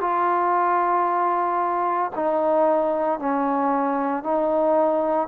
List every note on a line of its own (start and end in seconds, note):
0.00 2.11 F4
2.15 3.19 D#4
3.19 4.23 C#4
4.23 5.27 D#4